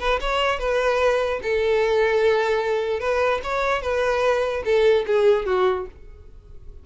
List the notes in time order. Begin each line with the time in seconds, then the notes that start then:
0.00 B4
0.21 C#5
0.59 B4
1.43 A4
3.00 B4
3.43 C#5
3.82 B4
4.65 A4
5.07 G#4
5.46 F#4